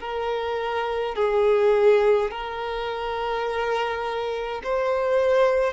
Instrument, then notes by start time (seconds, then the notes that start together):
violin
0.00 A#4
1.15 G#4
2.31 A#4
4.64 C5